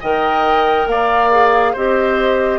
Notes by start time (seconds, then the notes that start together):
0.00 D#3 A#4 D#5 G5
0.87 A#3 D5 F5
1.31 G#4
1.73 C4 G4 C5 D#5